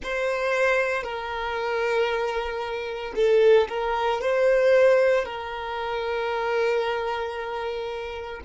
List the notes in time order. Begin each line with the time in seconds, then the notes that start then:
0.03 C5
1.03 A#4
3.15 A4
3.68 A#4
4.21 C5
5.25 A#4